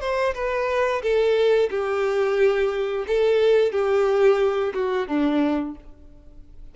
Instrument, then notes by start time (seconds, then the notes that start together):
violin
0.00 C5
0.34 B4
1.02 A4
1.70 G4
3.07 A4
3.72 G4
4.74 F#4
5.07 D4